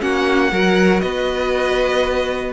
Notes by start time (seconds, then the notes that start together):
0.00 A#3 C#4 F#4 F#5
0.52 F#3 F#4 A#4
1.00 B3 B4 D#5